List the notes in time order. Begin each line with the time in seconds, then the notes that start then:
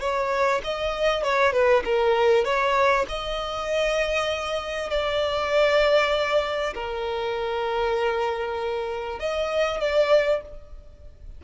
0.00 C#5
0.64 D#5
1.24 C#5
1.52 B4
1.84 A#4
2.45 C#5
3.09 D#5
4.90 D5
6.75 A#4
9.19 D#5
9.80 D5